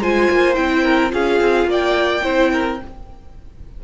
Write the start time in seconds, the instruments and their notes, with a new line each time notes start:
0.00 cello G#3, viola F4, violin C5 G#5
0.30 cello A#3
0.55 cello C4, viola E4, violin G5
0.84 violin A#4
1.10 cello C#4, viola F4, violin G#4 F5
1.41 cello C4
1.65 cello A#3, violin D5
1.72 violin G5
2.22 cello C4, viola E4, violin C5
2.53 violin A#4